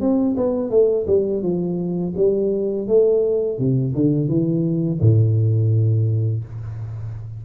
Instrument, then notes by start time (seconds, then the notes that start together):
tuba
0.00 C4
0.37 B3
0.70 A3
1.06 G3
1.42 F3
2.17 G3
2.87 A3
3.58 C3
3.94 D3
4.28 E3
5.01 A2